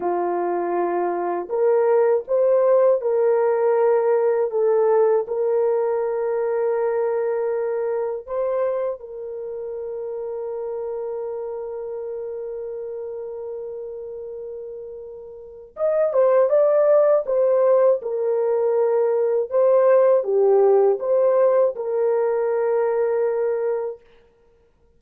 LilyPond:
\new Staff \with { instrumentName = "horn" } { \time 4/4 \tempo 4 = 80 f'2 ais'4 c''4 | ais'2 a'4 ais'4~ | ais'2. c''4 | ais'1~ |
ais'1~ | ais'4 dis''8 c''8 d''4 c''4 | ais'2 c''4 g'4 | c''4 ais'2. | }